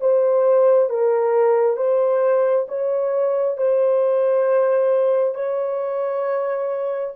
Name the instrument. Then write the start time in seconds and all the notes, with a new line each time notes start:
horn
0.00 C5
0.89 A#4
1.76 C5
2.68 C#5
3.57 C5
5.34 C#5